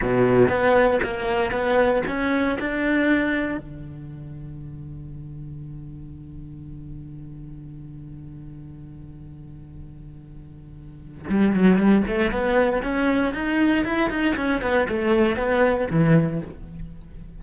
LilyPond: \new Staff \with { instrumentName = "cello" } { \time 4/4 \tempo 4 = 117 b,4 b4 ais4 b4 | cis'4 d'2 d4~ | d1~ | d1~ |
d1~ | d2 g8 fis8 g8 a8 | b4 cis'4 dis'4 e'8 dis'8 | cis'8 b8 a4 b4 e4 | }